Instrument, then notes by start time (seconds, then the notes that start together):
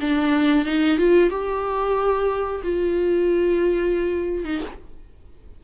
viola
0.00 D4
0.65 D#4
0.97 F4
1.29 G4
2.63 F4
4.44 D#4